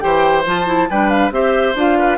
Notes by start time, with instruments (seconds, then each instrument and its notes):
0.00 bassoon E3, clarinet G4, oboe C5, flute G5
0.46 bassoon F3, clarinet F4, flute A5
0.66 clarinet E4
0.90 bassoon G3, clarinet D4, oboe B4, flute G5
1.10 flute F5
1.31 bassoon C4, clarinet G4, oboe C5, flute E5
1.75 bassoon D4, clarinet F4, flute F5
1.99 oboe B4